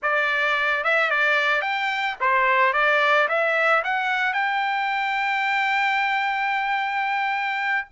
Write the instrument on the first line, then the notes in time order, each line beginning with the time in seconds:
trumpet
0.02 D5
0.83 E5
1.10 D5
1.61 G5
2.20 C5
2.73 D5
3.28 E5
3.84 F#5
4.33 G5